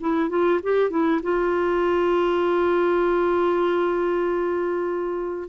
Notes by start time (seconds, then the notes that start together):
0.00 E4
0.29 F4
0.63 G4
0.90 E4
1.22 F4